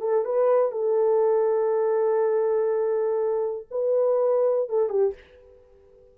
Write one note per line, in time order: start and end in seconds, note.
0.00 0.24 A4
0.24 0.71 B4
0.71 3.66 A4
3.70 4.69 B4
4.69 4.89 A4
4.89 5.13 G4